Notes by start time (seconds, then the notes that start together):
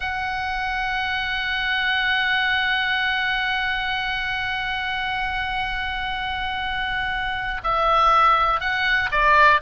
0.00 F#5
7.63 E5
8.60 F#5
9.11 D5